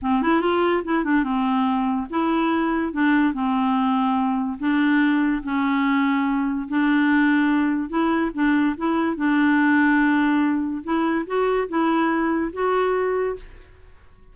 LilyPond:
\new Staff \with { instrumentName = "clarinet" } { \time 4/4 \tempo 4 = 144 c'8 e'8 f'4 e'8 d'8 c'4~ | c'4 e'2 d'4 | c'2. d'4~ | d'4 cis'2. |
d'2. e'4 | d'4 e'4 d'2~ | d'2 e'4 fis'4 | e'2 fis'2 | }